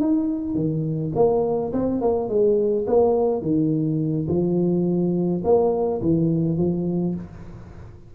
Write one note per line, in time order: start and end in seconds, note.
0.00 0.55 D#4
0.55 1.12 D#3
1.15 1.72 A#3
1.72 2.01 C4
2.01 2.29 A#3
2.29 2.86 G#3
2.86 3.41 A#3
3.41 4.27 D#3
4.28 5.42 F3
5.44 6.01 A#3
6.01 6.57 E3
6.57 7.15 F3